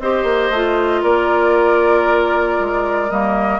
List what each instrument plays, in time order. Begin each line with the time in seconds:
0.00 bassoon C4, clarinet G4, oboe C5, flute D#5
0.24 bassoon A#3
0.51 bassoon A3, clarinet F4
1.03 bassoon A#3, oboe A#4, flute D5
2.60 bassoon G#3
3.11 bassoon G3, clarinet A#3, flute D#5